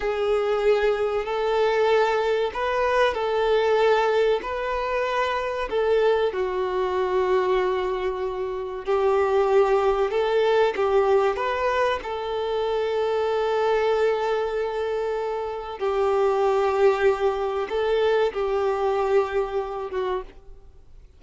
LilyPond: \new Staff \with { instrumentName = "violin" } { \time 4/4 \tempo 4 = 95 gis'2 a'2 | b'4 a'2 b'4~ | b'4 a'4 fis'2~ | fis'2 g'2 |
a'4 g'4 b'4 a'4~ | a'1~ | a'4 g'2. | a'4 g'2~ g'8 fis'8 | }